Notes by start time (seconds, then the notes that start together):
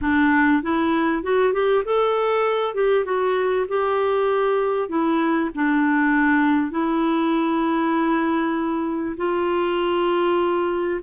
0.01 D4
0.62 E4
1.23 F#4
1.53 G4
1.85 A4
2.74 G4
3.04 F#4
3.68 G4
4.88 E4
5.54 D4
6.70 E4
9.16 F4